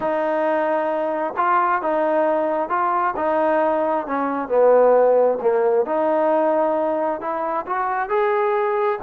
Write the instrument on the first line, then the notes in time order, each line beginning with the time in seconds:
trombone
0.00 D#4
1.37 F4
1.81 D#4
2.69 F4
3.16 D#4
4.06 C#4
4.48 B3
5.41 A#3
5.85 D#4
7.20 E4
7.66 F#4
8.09 G#4